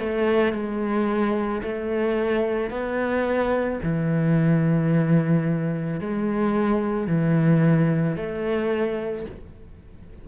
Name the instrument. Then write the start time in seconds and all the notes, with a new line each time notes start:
cello
0.00 A3
0.53 G#3
1.63 A3
2.71 B3
3.84 E3
6.01 G#3
7.08 E3
8.17 A3